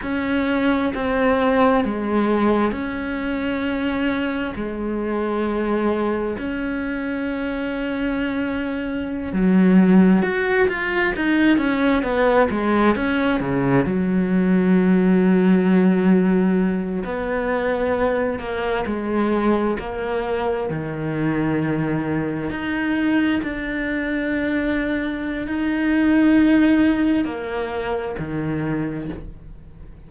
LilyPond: \new Staff \with { instrumentName = "cello" } { \time 4/4 \tempo 4 = 66 cis'4 c'4 gis4 cis'4~ | cis'4 gis2 cis'4~ | cis'2~ cis'16 fis4 fis'8 f'16~ | f'16 dis'8 cis'8 b8 gis8 cis'8 cis8 fis8.~ |
fis2~ fis8. b4~ b16~ | b16 ais8 gis4 ais4 dis4~ dis16~ | dis8. dis'4 d'2~ d'16 | dis'2 ais4 dis4 | }